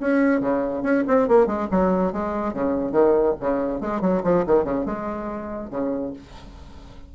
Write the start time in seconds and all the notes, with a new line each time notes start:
0.00 C#4
0.40 C#3
0.82 C#4
1.07 C4
1.28 A#3
1.46 G#3
1.71 F#3
2.12 G#3
2.53 C#3
2.92 D#3
3.40 C#3
3.80 G#3
4.01 F#3
4.23 F3
4.46 D#3
4.64 C#3
4.85 G#3
5.70 C#3